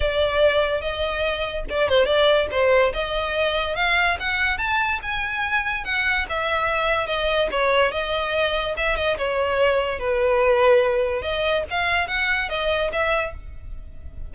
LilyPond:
\new Staff \with { instrumentName = "violin" } { \time 4/4 \tempo 4 = 144 d''2 dis''2 | d''8 c''8 d''4 c''4 dis''4~ | dis''4 f''4 fis''4 a''4 | gis''2 fis''4 e''4~ |
e''4 dis''4 cis''4 dis''4~ | dis''4 e''8 dis''8 cis''2 | b'2. dis''4 | f''4 fis''4 dis''4 e''4 | }